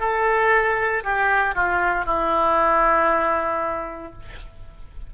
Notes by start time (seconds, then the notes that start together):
0.00 A4
1.03 G4
1.55 F4
2.05 E4